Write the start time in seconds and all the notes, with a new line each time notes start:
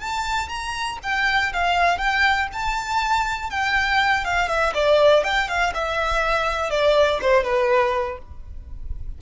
0.00 A5
0.49 A#5
1.03 G5
1.53 F5
1.99 G5
2.53 A5
3.50 G5
4.25 F5
4.49 E5
4.75 D5
5.24 G5
5.49 F5
5.75 E5
6.71 D5
7.22 C5
7.44 B4